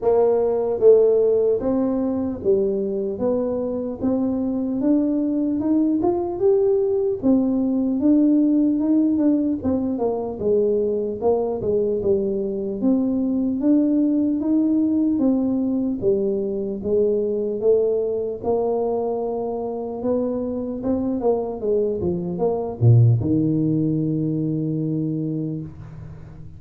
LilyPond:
\new Staff \with { instrumentName = "tuba" } { \time 4/4 \tempo 4 = 75 ais4 a4 c'4 g4 | b4 c'4 d'4 dis'8 f'8 | g'4 c'4 d'4 dis'8 d'8 | c'8 ais8 gis4 ais8 gis8 g4 |
c'4 d'4 dis'4 c'4 | g4 gis4 a4 ais4~ | ais4 b4 c'8 ais8 gis8 f8 | ais8 ais,8 dis2. | }